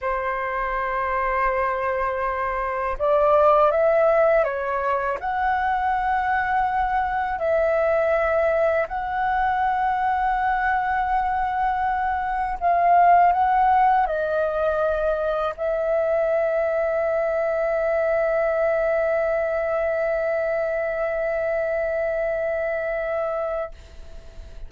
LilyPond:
\new Staff \with { instrumentName = "flute" } { \time 4/4 \tempo 4 = 81 c''1 | d''4 e''4 cis''4 fis''4~ | fis''2 e''2 | fis''1~ |
fis''4 f''4 fis''4 dis''4~ | dis''4 e''2.~ | e''1~ | e''1 | }